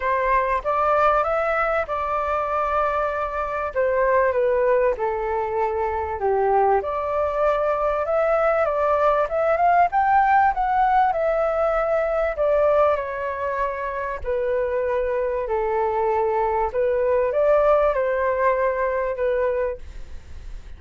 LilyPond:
\new Staff \with { instrumentName = "flute" } { \time 4/4 \tempo 4 = 97 c''4 d''4 e''4 d''4~ | d''2 c''4 b'4 | a'2 g'4 d''4~ | d''4 e''4 d''4 e''8 f''8 |
g''4 fis''4 e''2 | d''4 cis''2 b'4~ | b'4 a'2 b'4 | d''4 c''2 b'4 | }